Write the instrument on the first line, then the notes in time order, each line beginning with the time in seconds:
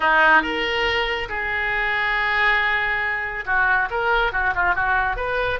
oboe
0.00 D#4
0.42 A#4
1.29 G#4
3.45 F#4
3.90 A#4
4.32 F#4
4.54 F4
4.74 F#4
5.16 B4